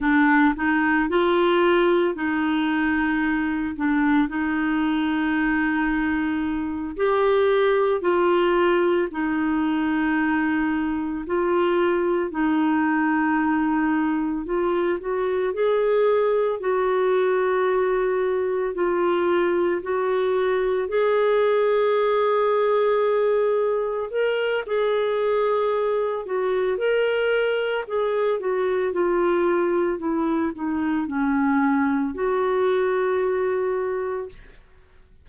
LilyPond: \new Staff \with { instrumentName = "clarinet" } { \time 4/4 \tempo 4 = 56 d'8 dis'8 f'4 dis'4. d'8 | dis'2~ dis'8 g'4 f'8~ | f'8 dis'2 f'4 dis'8~ | dis'4. f'8 fis'8 gis'4 fis'8~ |
fis'4. f'4 fis'4 gis'8~ | gis'2~ gis'8 ais'8 gis'4~ | gis'8 fis'8 ais'4 gis'8 fis'8 f'4 | e'8 dis'8 cis'4 fis'2 | }